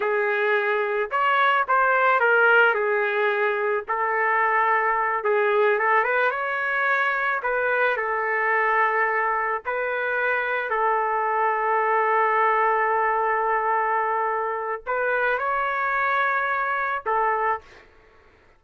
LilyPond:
\new Staff \with { instrumentName = "trumpet" } { \time 4/4 \tempo 4 = 109 gis'2 cis''4 c''4 | ais'4 gis'2 a'4~ | a'4. gis'4 a'8 b'8 cis''8~ | cis''4. b'4 a'4.~ |
a'4. b'2 a'8~ | a'1~ | a'2. b'4 | cis''2. a'4 | }